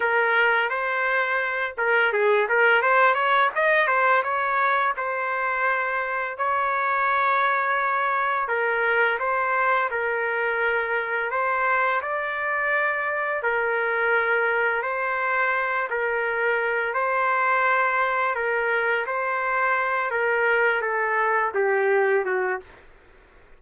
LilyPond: \new Staff \with { instrumentName = "trumpet" } { \time 4/4 \tempo 4 = 85 ais'4 c''4. ais'8 gis'8 ais'8 | c''8 cis''8 dis''8 c''8 cis''4 c''4~ | c''4 cis''2. | ais'4 c''4 ais'2 |
c''4 d''2 ais'4~ | ais'4 c''4. ais'4. | c''2 ais'4 c''4~ | c''8 ais'4 a'4 g'4 fis'8 | }